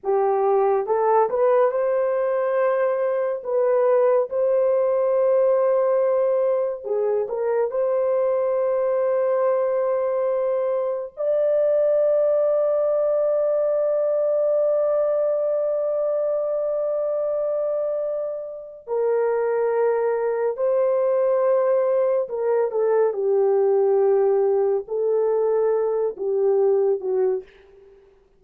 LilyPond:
\new Staff \with { instrumentName = "horn" } { \time 4/4 \tempo 4 = 70 g'4 a'8 b'8 c''2 | b'4 c''2. | gis'8 ais'8 c''2.~ | c''4 d''2.~ |
d''1~ | d''2 ais'2 | c''2 ais'8 a'8 g'4~ | g'4 a'4. g'4 fis'8 | }